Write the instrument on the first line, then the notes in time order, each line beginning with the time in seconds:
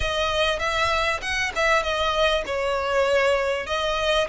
violin
0.00 D#5
0.59 E5
1.21 F#5
1.55 E5
1.83 D#5
2.45 C#5
3.66 D#5